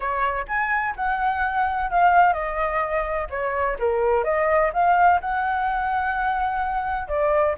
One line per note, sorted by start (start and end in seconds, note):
0.00 0.45 C#5
0.47 0.94 G#5
0.96 1.90 F#5
1.90 2.33 F5
2.33 3.27 D#5
3.30 3.77 C#5
3.79 4.24 A#4
4.24 4.71 D#5
4.73 5.20 F5
5.20 7.08 F#5
7.08 7.55 D5